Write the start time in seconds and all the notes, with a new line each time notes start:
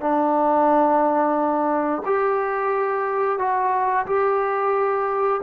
0.00 D4
2.05 G4
3.38 F#4
4.06 G4